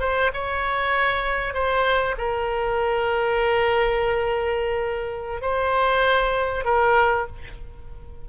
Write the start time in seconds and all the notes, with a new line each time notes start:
0.00 C5
0.33 C#5
1.54 C5
2.18 A#4
5.41 C5
6.65 A#4